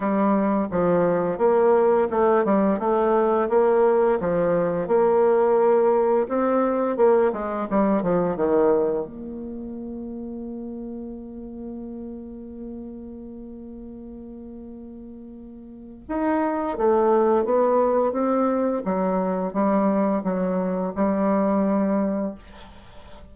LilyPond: \new Staff \with { instrumentName = "bassoon" } { \time 4/4 \tempo 4 = 86 g4 f4 ais4 a8 g8 | a4 ais4 f4 ais4~ | ais4 c'4 ais8 gis8 g8 f8 | dis4 ais2.~ |
ais1~ | ais2. dis'4 | a4 b4 c'4 fis4 | g4 fis4 g2 | }